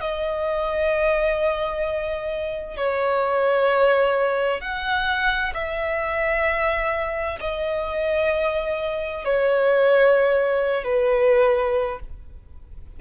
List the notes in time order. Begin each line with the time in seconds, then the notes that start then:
0.00 D#5
2.77 C#5
4.61 F#5
5.54 E5
7.40 D#5
9.24 C#5
10.84 B4